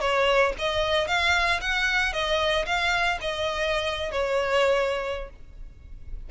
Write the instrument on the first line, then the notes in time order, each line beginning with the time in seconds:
violin
0.00 C#5
0.59 D#5
1.07 F5
1.61 F#5
2.13 D#5
2.66 F5
3.21 D#5
4.11 C#5